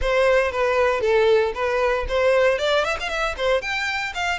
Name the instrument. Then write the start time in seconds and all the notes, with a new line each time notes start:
violin
0.01 C5
0.51 B4
1.01 A4
1.54 B4
2.08 C5
2.58 D5
2.84 E5
3.00 F5
3.09 E5
3.37 C5
3.61 G5
4.14 F5